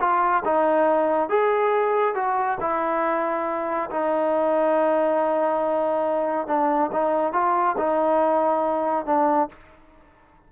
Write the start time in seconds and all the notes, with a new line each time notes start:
0.00 F4
0.45 D#4
1.29 G#4
2.15 F#4
2.60 E4
3.90 D#4
6.47 D4
6.92 D#4
7.33 F4
7.77 D#4
9.06 D4